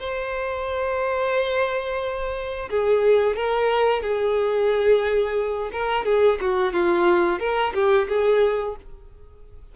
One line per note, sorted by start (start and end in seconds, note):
0.00 2.70 C5
2.70 3.36 G#4
3.36 4.03 A#4
4.03 5.71 G#4
5.73 6.06 A#4
6.06 6.39 G#4
6.42 6.73 F#4
6.73 7.40 F4
7.40 7.74 A#4
7.75 8.08 G4
8.09 8.76 G#4